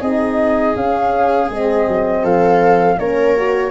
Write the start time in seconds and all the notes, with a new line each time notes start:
0.00 C4 D#4 G#4 D#5
0.75 C#4 F5
1.49 G#3 C4 D#5
1.88 F#3
2.23 F3 A4 F5
2.98 A#3 C#4 A#4 C#5
3.37 F#4